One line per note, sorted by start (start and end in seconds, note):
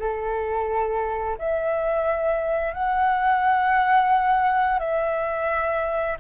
0.00 1.38 A4
1.39 2.74 E5
2.74 4.80 F#5
4.80 6.18 E5